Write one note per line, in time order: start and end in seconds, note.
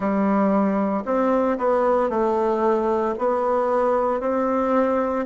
0.00 1.04 G3
1.05 1.57 C4
1.58 2.09 B3
2.09 3.14 A3
3.18 4.20 B3
4.20 5.25 C4